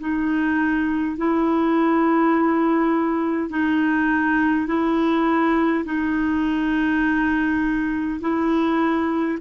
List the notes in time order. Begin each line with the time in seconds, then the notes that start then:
0.00 D#4
1.18 E4
3.50 D#4
4.67 E4
5.85 D#4
8.21 E4